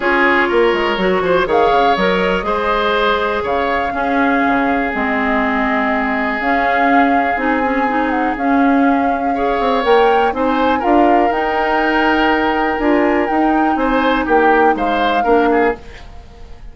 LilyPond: <<
  \new Staff \with { instrumentName = "flute" } { \time 4/4 \tempo 4 = 122 cis''2. f''4 | dis''2. f''4~ | f''2 dis''2~ | dis''4 f''2 gis''4~ |
gis''8 fis''8 f''2. | g''4 gis''4 f''4 g''4~ | g''2 gis''4 g''4 | gis''4 g''4 f''2 | }
  \new Staff \with { instrumentName = "oboe" } { \time 4/4 gis'4 ais'4. c''8 cis''4~ | cis''4 c''2 cis''4 | gis'1~ | gis'1~ |
gis'2. cis''4~ | cis''4 c''4 ais'2~ | ais'1 | c''4 g'4 c''4 ais'8 gis'8 | }
  \new Staff \with { instrumentName = "clarinet" } { \time 4/4 f'2 fis'4 gis'4 | ais'4 gis'2. | cis'2 c'2~ | c'4 cis'2 dis'8 cis'8 |
dis'4 cis'2 gis'4 | ais'4 dis'4 f'4 dis'4~ | dis'2 f'4 dis'4~ | dis'2. d'4 | }
  \new Staff \with { instrumentName = "bassoon" } { \time 4/4 cis'4 ais8 gis8 fis8 f8 dis8 cis8 | fis4 gis2 cis4 | cis'4 cis4 gis2~ | gis4 cis'2 c'4~ |
c'4 cis'2~ cis'8 c'8 | ais4 c'4 d'4 dis'4~ | dis'2 d'4 dis'4 | c'4 ais4 gis4 ais4 | }
>>